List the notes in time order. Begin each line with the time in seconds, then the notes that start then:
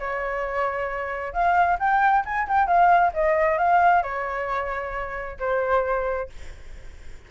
0.00 C#5
1.33 F5
1.80 G5
2.26 G#5
2.49 G5
2.68 F5
3.14 D#5
3.59 F5
4.03 C#5
5.40 C5